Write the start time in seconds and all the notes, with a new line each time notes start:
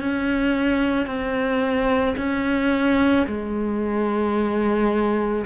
0.00 C#4
1.06 C4
2.17 C#4
3.26 G#3